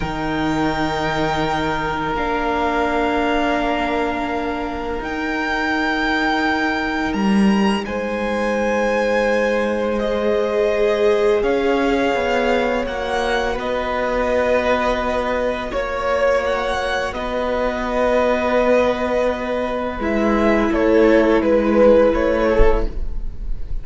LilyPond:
<<
  \new Staff \with { instrumentName = "violin" } { \time 4/4 \tempo 4 = 84 g''2. f''4~ | f''2. g''4~ | g''2 ais''4 gis''4~ | gis''2 dis''2 |
f''2 fis''4 dis''4~ | dis''2 cis''4 fis''4 | dis''1 | e''4 cis''4 b'4 cis''4 | }
  \new Staff \with { instrumentName = "violin" } { \time 4/4 ais'1~ | ais'1~ | ais'2. c''4~ | c''1 |
cis''2. b'4~ | b'2 cis''2 | b'1~ | b'4 a'4 b'4. a'8 | }
  \new Staff \with { instrumentName = "viola" } { \time 4/4 dis'2. d'4~ | d'2. dis'4~ | dis'1~ | dis'2 gis'2~ |
gis'2 fis'2~ | fis'1~ | fis'1 | e'1 | }
  \new Staff \with { instrumentName = "cello" } { \time 4/4 dis2. ais4~ | ais2. dis'4~ | dis'2 g4 gis4~ | gis1 |
cis'4 b4 ais4 b4~ | b2 ais2 | b1 | gis4 a4 gis4 a4 | }
>>